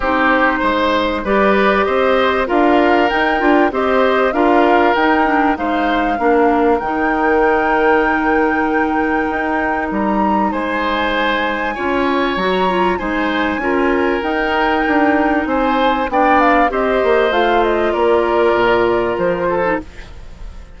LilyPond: <<
  \new Staff \with { instrumentName = "flute" } { \time 4/4 \tempo 4 = 97 c''2 d''4 dis''4 | f''4 g''4 dis''4 f''4 | g''4 f''2 g''4~ | g''1 |
ais''4 gis''2. | ais''4 gis''2 g''4~ | g''4 gis''4 g''8 f''8 dis''4 | f''8 dis''8 d''2 c''4 | }
  \new Staff \with { instrumentName = "oboe" } { \time 4/4 g'4 c''4 b'4 c''4 | ais'2 c''4 ais'4~ | ais'4 c''4 ais'2~ | ais'1~ |
ais'4 c''2 cis''4~ | cis''4 c''4 ais'2~ | ais'4 c''4 d''4 c''4~ | c''4 ais'2~ ais'8 a'8 | }
  \new Staff \with { instrumentName = "clarinet" } { \time 4/4 dis'2 g'2 | f'4 dis'8 f'8 g'4 f'4 | dis'8 d'8 dis'4 d'4 dis'4~ | dis'1~ |
dis'2. f'4 | fis'8 f'8 dis'4 f'4 dis'4~ | dis'2 d'4 g'4 | f'2.~ f'8. dis'16 | }
  \new Staff \with { instrumentName = "bassoon" } { \time 4/4 c'4 gis4 g4 c'4 | d'4 dis'8 d'8 c'4 d'4 | dis'4 gis4 ais4 dis4~ | dis2. dis'4 |
g4 gis2 cis'4 | fis4 gis4 cis'4 dis'4 | d'4 c'4 b4 c'8 ais8 | a4 ais4 ais,4 f4 | }
>>